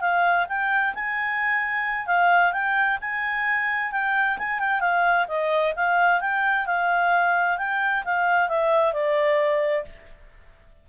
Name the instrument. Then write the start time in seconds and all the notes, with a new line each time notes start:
clarinet
0.00 F5
0.48 G5
0.94 G#5
2.06 F5
2.52 G5
3.01 G#5
3.91 G5
4.38 G#5
4.59 G5
4.80 F5
5.28 D#5
5.76 F5
6.20 G5
6.66 F5
7.57 G5
8.04 F5
8.48 E5
8.93 D5